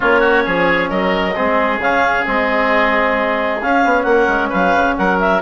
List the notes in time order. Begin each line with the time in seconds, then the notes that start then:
0.00 A#3 C#4 F4 C#5
0.20 F#4
0.45 F3 G#4
0.89 F#3 A#4 D#5
1.35 G#3 C4 G#4
1.78 C#3 C#4 F5
2.25 G#3 C4 D#5
3.61 C#4 F5
3.84 B3
4.03 A#3 F#5
4.09 A#4
4.28 G#3
4.49 F#3 B4 F5
4.74 C#3
4.96 F#3 A#4 F#5
5.19 E5